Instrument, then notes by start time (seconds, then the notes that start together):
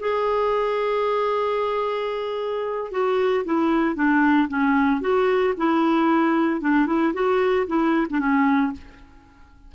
clarinet
0.00 G#4
2.92 F#4
3.45 E4
3.96 D4
4.49 C#4
5.01 F#4
5.58 E4
6.61 D4
6.87 E4
7.14 F#4
7.68 E4
8.10 D4
8.20 C#4